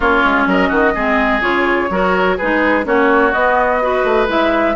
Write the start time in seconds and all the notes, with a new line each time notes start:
0.00 A#3 C#4 F4 C#5
0.24 G#3
0.46 F#3 A#4 D#5
0.68 D#3 F#4
0.94 G#3 C4 G#4
1.41 C#3 F4 C#5
1.90 F#3 F#4 A#4
2.37 G#3 D#4 G#4 B4
2.83 A#3 C#4 F#4 C#5
3.32 B3 D#5
3.82 F#4 B4
4.04 A3
4.27 G#3 E4 E5